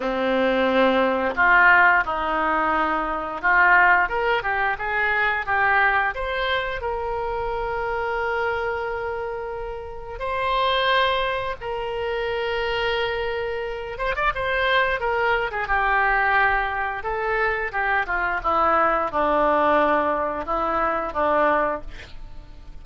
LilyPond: \new Staff \with { instrumentName = "oboe" } { \time 4/4 \tempo 4 = 88 c'2 f'4 dis'4~ | dis'4 f'4 ais'8 g'8 gis'4 | g'4 c''4 ais'2~ | ais'2. c''4~ |
c''4 ais'2.~ | ais'8 c''16 d''16 c''4 ais'8. gis'16 g'4~ | g'4 a'4 g'8 f'8 e'4 | d'2 e'4 d'4 | }